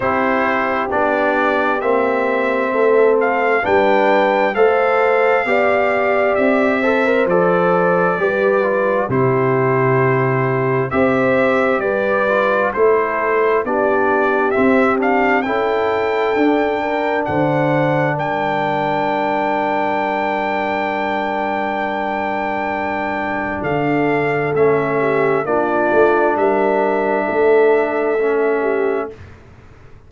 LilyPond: <<
  \new Staff \with { instrumentName = "trumpet" } { \time 4/4 \tempo 4 = 66 c''4 d''4 e''4. f''8 | g''4 f''2 e''4 | d''2 c''2 | e''4 d''4 c''4 d''4 |
e''8 f''8 g''2 fis''4 | g''1~ | g''2 f''4 e''4 | d''4 e''2. | }
  \new Staff \with { instrumentName = "horn" } { \time 4/4 g'2. a'4 | b'4 c''4 d''4. c''8~ | c''4 b'4 g'2 | c''4 b'4 a'4 g'4~ |
g'4 a'4. ais'8 c''4 | ais'1~ | ais'2 a'4. g'8 | f'4 ais'4 a'4. g'8 | }
  \new Staff \with { instrumentName = "trombone" } { \time 4/4 e'4 d'4 c'2 | d'4 a'4 g'4. a'16 ais'16 | a'4 g'8 f'8 e'2 | g'4. f'8 e'4 d'4 |
c'8 d'8 e'4 d'2~ | d'1~ | d'2. cis'4 | d'2. cis'4 | }
  \new Staff \with { instrumentName = "tuba" } { \time 4/4 c'4 b4 ais4 a4 | g4 a4 b4 c'4 | f4 g4 c2 | c'4 g4 a4 b4 |
c'4 cis'4 d'4 d4 | g1~ | g2 d4 a4 | ais8 a8 g4 a2 | }
>>